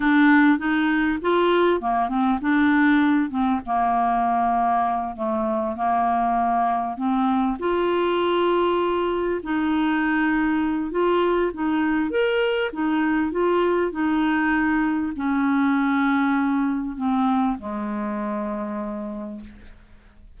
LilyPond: \new Staff \with { instrumentName = "clarinet" } { \time 4/4 \tempo 4 = 99 d'4 dis'4 f'4 ais8 c'8 | d'4. c'8 ais2~ | ais8 a4 ais2 c'8~ | c'8 f'2. dis'8~ |
dis'2 f'4 dis'4 | ais'4 dis'4 f'4 dis'4~ | dis'4 cis'2. | c'4 gis2. | }